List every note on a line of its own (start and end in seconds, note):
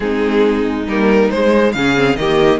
0.00 0.86 G#3
0.00 0.87 C4
0.00 1.75 D#4
0.00 0.83 G#4
0.86 1.29 G3
0.86 1.31 A#3
0.86 1.30 A#4
1.30 1.74 G#3
1.30 1.76 G#3
1.30 1.72 C5
1.72 2.16 C#3
1.72 1.95 C#4
1.72 2.19 G#4
1.72 2.16 F5
1.95 2.17 C4
2.16 2.60 D#3
2.16 2.60 A#3
2.16 2.60 G4
2.16 2.59 D#5